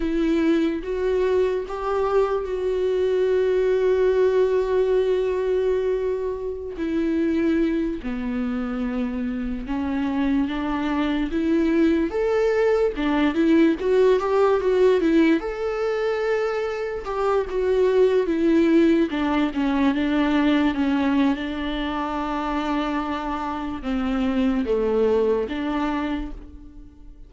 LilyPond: \new Staff \with { instrumentName = "viola" } { \time 4/4 \tempo 4 = 73 e'4 fis'4 g'4 fis'4~ | fis'1~ | fis'16 e'4. b2 cis'16~ | cis'8. d'4 e'4 a'4 d'16~ |
d'16 e'8 fis'8 g'8 fis'8 e'8 a'4~ a'16~ | a'8. g'8 fis'4 e'4 d'8 cis'16~ | cis'16 d'4 cis'8. d'2~ | d'4 c'4 a4 d'4 | }